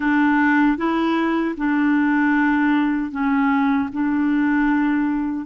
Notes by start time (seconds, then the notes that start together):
0.00 D4
0.77 E4
1.57 D4
3.11 C#4
3.92 D4